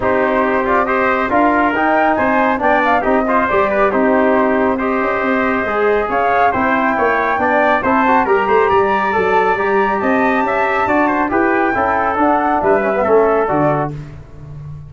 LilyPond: <<
  \new Staff \with { instrumentName = "flute" } { \time 4/4 \tempo 4 = 138 c''4. d''8 dis''4 f''4 | g''4 gis''4 g''8 f''8 dis''4 | d''4 c''2 dis''4~ | dis''2 f''4 g''4~ |
g''2 a''4 ais''4~ | ais''4 a''4 ais''4 a''4~ | a''2 g''2 | fis''4 e''2 d''4 | }
  \new Staff \with { instrumentName = "trumpet" } { \time 4/4 g'2 c''4 ais'4~ | ais'4 c''4 d''4 g'8 c''8~ | c''8 b'8 g'2 c''4~ | c''2 cis''4 c''4 |
cis''4 d''4 c''4 ais'8 c''8 | d''2. dis''4 | e''4 d''8 c''8 b'4 a'4~ | a'4 b'4 a'2 | }
  \new Staff \with { instrumentName = "trombone" } { \time 4/4 dis'4. f'8 g'4 f'4 | dis'2 d'4 dis'8 f'8 | g'4 dis'2 g'4~ | g'4 gis'2 e'4~ |
e'4 d'4 e'8 fis'8 g'4~ | g'4 a'4 g'2~ | g'4 fis'4 g'4 e'4 | d'4. cis'16 b16 cis'4 fis'4 | }
  \new Staff \with { instrumentName = "tuba" } { \time 4/4 c'2. d'4 | dis'4 c'4 b4 c'4 | g4 c'2~ c'8 cis'8 | c'4 gis4 cis'4 c'4 |
ais4 b4 c'4 g8 a8 | g4 fis4 g4 c'4 | cis'4 d'4 e'4 cis'4 | d'4 g4 a4 d4 | }
>>